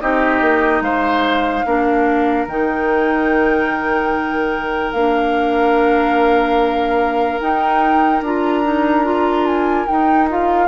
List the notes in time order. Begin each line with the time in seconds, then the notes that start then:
0.00 C4 D#4 G4 D#5
0.41 A#3
0.81 G#3 C5 F5
1.65 A#3 D4 A#4
2.47 D#3 D#4 G5
4.92 A#3 D4 F5
7.40 D#4 G5
8.22 D4 F4 A#5
8.64 D#4
9.04 F4
9.46 G#5
9.86 D#4 G5
10.29 F4 F5